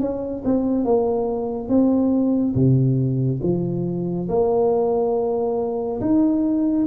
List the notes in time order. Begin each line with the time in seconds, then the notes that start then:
0.00 C#4
0.44 C4
0.85 A#3
1.69 C4
2.55 C3
3.42 F3
4.29 A#3
6.00 D#4